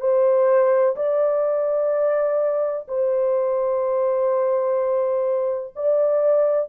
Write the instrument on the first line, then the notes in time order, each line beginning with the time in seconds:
horn
0.00 C5
0.96 D5
2.88 C5
5.75 D5